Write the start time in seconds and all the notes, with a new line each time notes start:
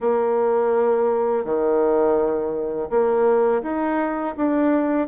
0.00 A#3
1.45 D#3
2.89 A#3
3.62 D#4
4.36 D4